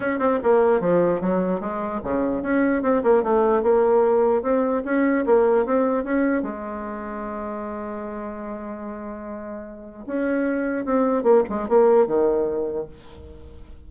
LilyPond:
\new Staff \with { instrumentName = "bassoon" } { \time 4/4 \tempo 4 = 149 cis'8 c'8 ais4 f4 fis4 | gis4 cis4 cis'4 c'8 ais8 | a4 ais2 c'4 | cis'4 ais4 c'4 cis'4 |
gis1~ | gis1~ | gis4 cis'2 c'4 | ais8 gis8 ais4 dis2 | }